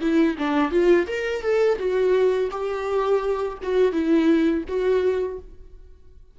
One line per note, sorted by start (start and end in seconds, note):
0.00 0.36 E4
0.38 0.70 D4
0.70 1.06 F4
1.06 1.42 A#4
1.42 1.78 A4
1.78 2.49 F#4
2.51 3.58 G4
3.62 3.92 F#4
3.92 4.63 E4
4.67 5.39 F#4